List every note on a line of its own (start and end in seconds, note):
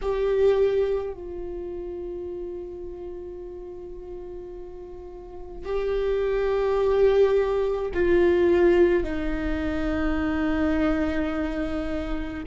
0.01 1.13 G4
1.13 5.64 F4
5.64 7.91 G4
7.93 9.03 F4
9.03 12.43 D#4